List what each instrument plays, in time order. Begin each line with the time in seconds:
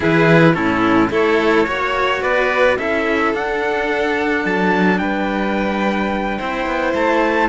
0.00 cello E3 E4, violin G#4, trumpet B4
0.54 cello A2 C#4, violin E4, trumpet A4
1.10 cello A3 E4, violin A4, trumpet C#5
1.66 cello A#3 F#4, violin C#5
2.22 cello B3, violin B4, trumpet D5
2.77 cello C#4 E4, violin A4, trumpet E5
3.34 cello D4, trumpet F#5
4.45 cello F#3, trumpet A5
4.98 cello G3, violin B4, trumpet G5
6.38 cello C4 E4, violin C5
6.66 cello B3
6.94 cello A3, trumpet A5